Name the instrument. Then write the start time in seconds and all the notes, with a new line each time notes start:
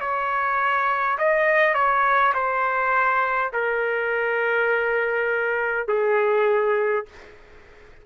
trumpet
0.00 C#5
1.18 D#5
1.74 C#5
2.34 C5
3.53 A#4
5.88 G#4